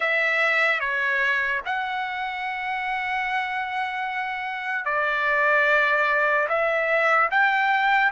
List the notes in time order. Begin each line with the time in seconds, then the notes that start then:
0.00 E5
0.80 C#5
1.65 F#5
4.85 D5
6.48 E5
7.30 G5